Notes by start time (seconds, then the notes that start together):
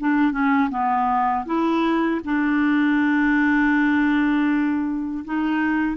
0.00 D4
0.32 C#4
0.70 B3
1.46 E4
2.25 D4
5.25 D#4